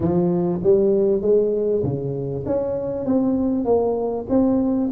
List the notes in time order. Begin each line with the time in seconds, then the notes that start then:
0.00 F3
0.63 G3
1.21 G#3
1.83 C#3
2.45 C#4
3.05 C4
3.64 A#3
4.29 C4